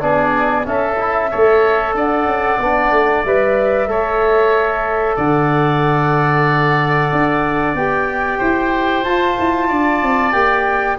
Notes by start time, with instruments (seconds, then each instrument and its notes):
0.00 tuba B3, trombone D4, oboe G#4, flute D5
0.65 trombone C#4, tuba C#4, oboe A4, flute E5
0.99 trombone E4
1.31 tuba A3, trombone A4, oboe C#5
1.94 tuba D4, oboe D5, flute F#5
2.25 tuba C#4
2.59 tuba B3, trombone D4
2.91 tuba A3
3.24 tuba G3, trombone B4, flute E5
3.87 tuba A3, trombone A4, oboe C#5
5.16 tuba D3, oboe D5, flute F#5
7.12 tuba D4
7.74 tuba B3, trombone G4, flute G5
8.38 tuba E4, oboe C5
9.04 tuba F4, trombone F4, flute A5
9.39 tuba E4
9.68 tuba D4, oboe D5
10.02 tuba C4
10.32 tuba A#3, trombone G4, flute G5